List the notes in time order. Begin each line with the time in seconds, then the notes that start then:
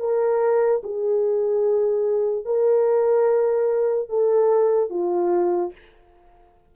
0.00 A#4
0.84 G#4
2.45 A#4
4.09 A4
4.90 F4